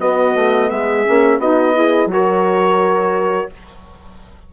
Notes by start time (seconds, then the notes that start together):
0.00 B3 F#4 D#5
0.35 A3
0.70 G#3 G#4 E5
1.05 A#3 C#4
1.39 B3 D#4 F#4 D#5
1.75 E4 G#4
2.06 F#3 F#4 C#5
2.13 A#4